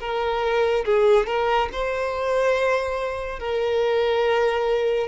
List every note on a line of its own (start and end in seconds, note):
0.00 0.85 A#4
0.85 1.26 G#4
1.26 1.69 A#4
1.72 3.39 C5
3.39 5.07 A#4